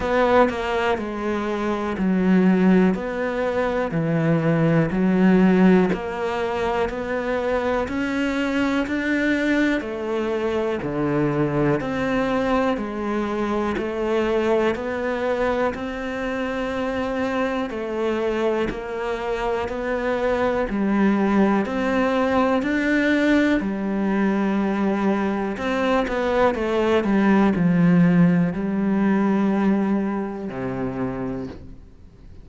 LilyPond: \new Staff \with { instrumentName = "cello" } { \time 4/4 \tempo 4 = 61 b8 ais8 gis4 fis4 b4 | e4 fis4 ais4 b4 | cis'4 d'4 a4 d4 | c'4 gis4 a4 b4 |
c'2 a4 ais4 | b4 g4 c'4 d'4 | g2 c'8 b8 a8 g8 | f4 g2 c4 | }